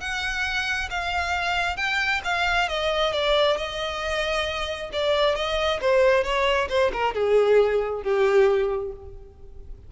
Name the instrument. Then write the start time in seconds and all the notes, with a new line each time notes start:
violin
0.00 F#5
0.90 F5
1.77 G5
2.24 F5
2.69 D#5
3.12 D5
3.57 D#5
4.93 D5
5.35 D#5
5.81 C5
6.24 C#5
6.69 C5
6.93 A#4
7.14 G#4
8.03 G4